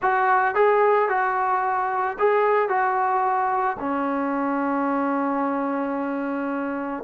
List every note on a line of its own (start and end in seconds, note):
0.01 0.55 F#4
0.55 1.09 G#4
1.09 2.17 F#4
2.18 2.68 G#4
2.68 3.76 F#4
3.79 7.03 C#4